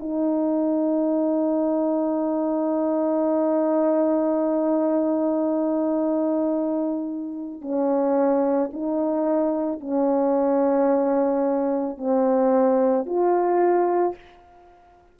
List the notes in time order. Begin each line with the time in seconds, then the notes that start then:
0.00 D#4
7.62 C#4
8.74 D#4
9.80 C#4
11.98 C4
13.06 F4